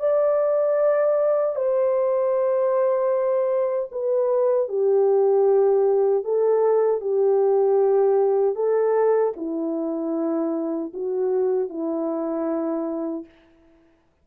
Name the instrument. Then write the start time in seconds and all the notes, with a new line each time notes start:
horn
0.00 D5
1.56 C5
3.92 B4
4.69 G4
6.24 A4
7.01 G4
8.55 A4
9.36 E4
10.94 F#4
11.70 E4